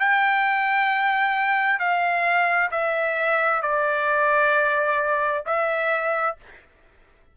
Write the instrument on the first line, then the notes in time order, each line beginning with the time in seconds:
trumpet
0.00 G5
1.79 F5
2.72 E5
3.62 D5
5.46 E5